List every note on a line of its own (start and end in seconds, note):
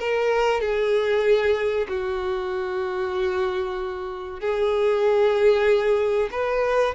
0.00 0.61 A#4
0.61 1.87 G#4
1.89 4.41 F#4
4.41 6.30 G#4
6.32 6.95 B4